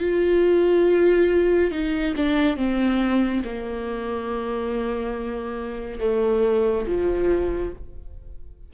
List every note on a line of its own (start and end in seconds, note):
0.00 1.71 F4
1.71 2.14 D#4
2.16 2.57 D4
2.57 3.42 C4
3.44 6.00 A#3
6.00 6.86 A3
6.87 7.73 F3